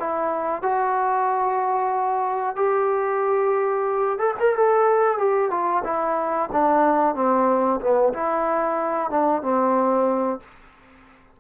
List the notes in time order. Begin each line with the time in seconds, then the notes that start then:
0.00 E4
0.63 F#4
2.56 G4
4.19 A4
4.40 A#4
4.56 A4
5.18 G4
5.51 F4
5.85 E4
6.52 D4
7.15 C4
7.81 B3
8.14 E4
9.10 D4
9.42 C4